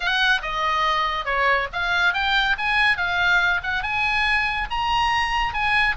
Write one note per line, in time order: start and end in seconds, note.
0.00 0.41 F#5
0.42 1.25 D#5
1.25 1.67 C#5
1.72 2.13 F5
2.13 2.56 G5
2.57 2.97 G#5
2.97 3.61 F5
3.63 3.82 F#5
3.82 4.68 G#5
4.70 5.53 A#5
5.53 5.96 G#5